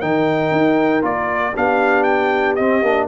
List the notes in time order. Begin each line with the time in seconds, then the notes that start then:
0.00 D#3 D#4 A#4 G5
0.51 D#4
1.02 A#3 F4 D5
1.55 B3 D4 G4 F5
2.03 G5
2.55 C4 D#5
2.82 A#3 D4